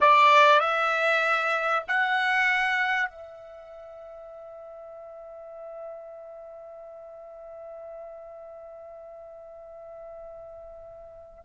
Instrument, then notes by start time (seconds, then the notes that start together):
trumpet
0.00 D5
0.59 E5
1.87 F#5
3.09 E5